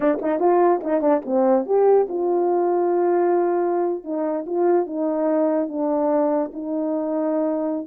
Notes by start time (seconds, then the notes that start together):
0.00 D4
0.21 D#4
0.39 F4
0.83 D#4
1.01 D4
1.25 C4
1.66 G4
2.09 F4
4.03 D#4
4.46 F4
4.86 D#4
5.68 D4
6.53 D#4